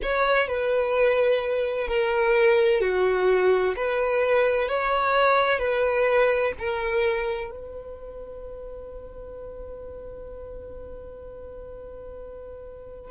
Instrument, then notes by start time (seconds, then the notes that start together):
violin
0.02 C#5
0.47 B4
1.87 A#4
2.80 F#4
3.75 B4
4.68 C#5
5.58 B4
6.58 A#4
7.50 B4